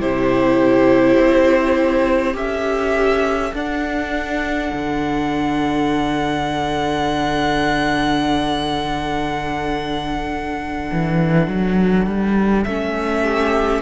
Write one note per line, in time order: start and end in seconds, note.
0.00 1.16 C3
0.00 2.33 E4
0.00 2.35 G4
0.00 2.36 C5
1.16 2.34 C4
2.33 3.52 C#4
2.33 3.51 G4
2.33 13.21 A4
2.33 3.54 E5
3.53 4.71 D4
3.53 12.67 D4
3.53 12.63 F#5
4.73 10.90 D3
10.91 11.47 E3
11.47 12.06 F#3
12.06 12.65 G3
12.63 13.82 A3
12.63 13.82 C#4
12.63 13.81 E5
13.21 13.80 G4